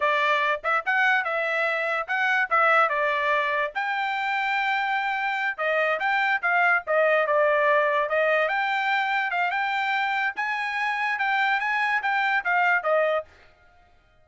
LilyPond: \new Staff \with { instrumentName = "trumpet" } { \time 4/4 \tempo 4 = 145 d''4. e''8 fis''4 e''4~ | e''4 fis''4 e''4 d''4~ | d''4 g''2.~ | g''4. dis''4 g''4 f''8~ |
f''8 dis''4 d''2 dis''8~ | dis''8 g''2 f''8 g''4~ | g''4 gis''2 g''4 | gis''4 g''4 f''4 dis''4 | }